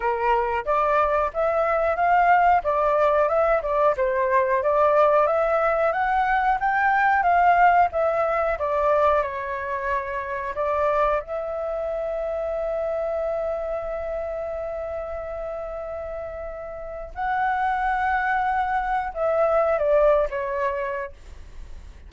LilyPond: \new Staff \with { instrumentName = "flute" } { \time 4/4 \tempo 4 = 91 ais'4 d''4 e''4 f''4 | d''4 e''8 d''8 c''4 d''4 | e''4 fis''4 g''4 f''4 | e''4 d''4 cis''2 |
d''4 e''2.~ | e''1~ | e''2 fis''2~ | fis''4 e''4 d''8. cis''4~ cis''16 | }